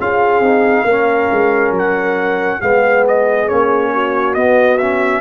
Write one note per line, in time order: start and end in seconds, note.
0.00 0.40 C#4
0.00 0.44 F4
0.00 0.85 G#4
0.00 1.74 F5
0.40 0.83 C4
0.40 0.87 D#4
0.85 1.28 A#3
0.85 2.61 C#4
0.85 2.59 A#4
1.32 1.71 G#3
1.71 2.58 F#3
1.78 2.61 F#5
2.61 3.49 G#3
2.61 3.48 B3
2.61 3.91 G#4
2.61 3.05 F5
3.07 3.49 D#5
3.48 4.36 A#3
3.48 4.35 C#4
3.48 4.34 C#5
3.93 5.21 F#4
4.34 4.79 B3
4.34 5.21 B3
4.34 4.78 D#5
4.78 5.21 C#4
4.78 5.21 E5